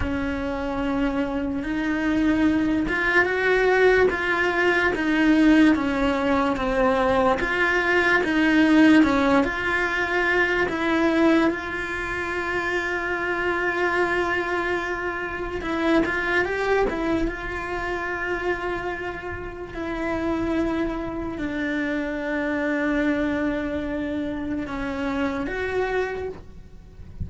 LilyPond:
\new Staff \with { instrumentName = "cello" } { \time 4/4 \tempo 4 = 73 cis'2 dis'4. f'8 | fis'4 f'4 dis'4 cis'4 | c'4 f'4 dis'4 cis'8 f'8~ | f'4 e'4 f'2~ |
f'2. e'8 f'8 | g'8 e'8 f'2. | e'2 d'2~ | d'2 cis'4 fis'4 | }